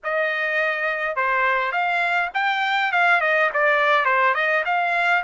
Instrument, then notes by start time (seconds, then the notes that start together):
trumpet
0.03 D#5
1.16 C5
1.72 F5
2.34 G5
2.92 F5
3.20 D#5
3.53 D5
4.05 C5
4.34 D#5
4.65 F5